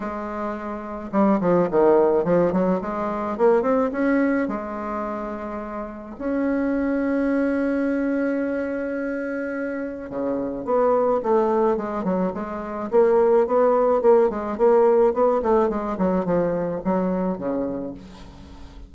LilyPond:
\new Staff \with { instrumentName = "bassoon" } { \time 4/4 \tempo 4 = 107 gis2 g8 f8 dis4 | f8 fis8 gis4 ais8 c'8 cis'4 | gis2. cis'4~ | cis'1~ |
cis'2 cis4 b4 | a4 gis8 fis8 gis4 ais4 | b4 ais8 gis8 ais4 b8 a8 | gis8 fis8 f4 fis4 cis4 | }